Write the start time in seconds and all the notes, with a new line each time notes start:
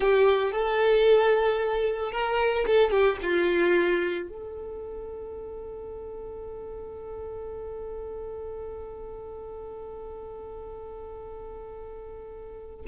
0.00 G4
0.52 A4
2.11 A#4
2.66 A4
2.90 G4
3.22 F4
4.28 A4